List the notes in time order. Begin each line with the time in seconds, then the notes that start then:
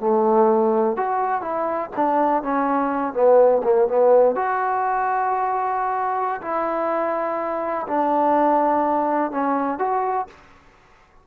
0.00 A3
0.97 F#4
1.42 E4
1.97 D4
2.43 C#4
3.14 B3
3.64 A#3
3.88 B3
4.36 F#4
6.42 E4
7.88 D4
9.32 C#4
9.79 F#4